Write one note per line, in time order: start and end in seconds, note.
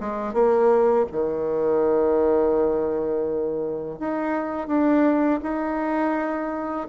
0.00 0.34 G#3
0.34 1.06 A#3
1.11 3.99 D#3
3.99 4.67 D#4
4.67 5.40 D4
5.42 6.87 D#4